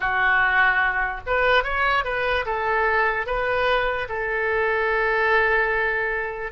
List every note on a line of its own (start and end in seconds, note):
0.00 1.20 F#4
1.26 1.63 B4
1.63 2.04 C#5
2.04 2.45 B4
2.45 3.26 A4
3.26 4.08 B4
4.09 6.52 A4